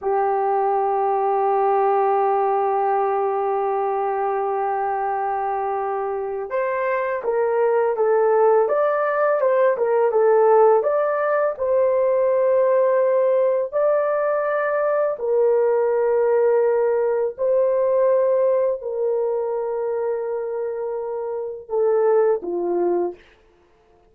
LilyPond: \new Staff \with { instrumentName = "horn" } { \time 4/4 \tempo 4 = 83 g'1~ | g'1~ | g'4 c''4 ais'4 a'4 | d''4 c''8 ais'8 a'4 d''4 |
c''2. d''4~ | d''4 ais'2. | c''2 ais'2~ | ais'2 a'4 f'4 | }